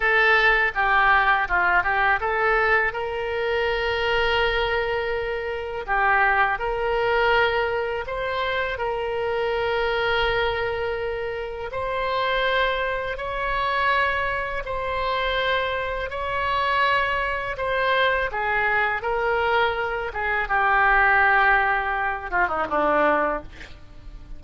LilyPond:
\new Staff \with { instrumentName = "oboe" } { \time 4/4 \tempo 4 = 82 a'4 g'4 f'8 g'8 a'4 | ais'1 | g'4 ais'2 c''4 | ais'1 |
c''2 cis''2 | c''2 cis''2 | c''4 gis'4 ais'4. gis'8 | g'2~ g'8 f'16 dis'16 d'4 | }